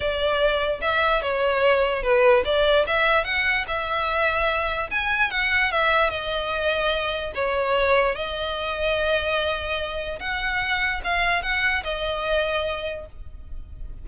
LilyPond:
\new Staff \with { instrumentName = "violin" } { \time 4/4 \tempo 4 = 147 d''2 e''4 cis''4~ | cis''4 b'4 d''4 e''4 | fis''4 e''2. | gis''4 fis''4 e''4 dis''4~ |
dis''2 cis''2 | dis''1~ | dis''4 fis''2 f''4 | fis''4 dis''2. | }